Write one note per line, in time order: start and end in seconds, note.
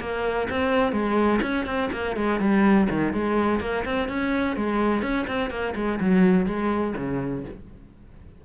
0.00 0.48 A#3
0.50 0.92 C4
0.92 1.40 G#3
1.42 1.66 C#4
1.66 1.90 C4
1.92 2.16 A#3
2.16 2.40 G#3
2.40 2.88 G3
2.90 3.13 D#3
3.13 3.60 G#3
3.60 3.84 A#3
3.85 4.08 C4
4.08 4.56 C#4
4.56 5.02 G#3
5.02 5.26 C#4
5.27 5.50 C4
5.50 5.74 A#3
5.75 5.99 G#3
6.00 6.46 F#3
6.46 6.94 G#3
6.97 7.45 C#3